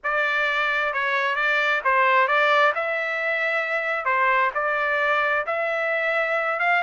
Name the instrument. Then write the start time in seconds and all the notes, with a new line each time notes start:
trumpet
0.03 D5
0.93 C#5
1.35 D5
1.84 C5
2.27 D5
2.74 E5
4.05 C5
4.54 D5
5.46 E5
6.59 F5